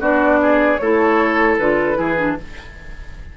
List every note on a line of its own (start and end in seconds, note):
0.00 0.78 B3
0.00 0.79 D4
0.00 0.40 F#4
0.00 0.78 D5
0.42 0.81 G#4
0.78 1.59 A3
0.78 1.60 E4
0.78 1.98 A4
0.78 1.56 C#5
1.58 1.98 D3
1.58 1.94 F4
1.58 2.36 B4
1.94 2.37 E3
1.94 2.14 E4
1.94 2.37 G#4
2.18 2.37 D4